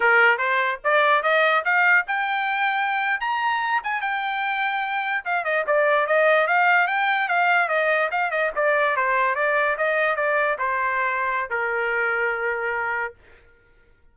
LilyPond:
\new Staff \with { instrumentName = "trumpet" } { \time 4/4 \tempo 4 = 146 ais'4 c''4 d''4 dis''4 | f''4 g''2~ g''8. ais''16~ | ais''4~ ais''16 gis''8 g''2~ g''16~ | g''8. f''8 dis''8 d''4 dis''4 f''16~ |
f''8. g''4 f''4 dis''4 f''16~ | f''16 dis''8 d''4 c''4 d''4 dis''16~ | dis''8. d''4 c''2~ c''16 | ais'1 | }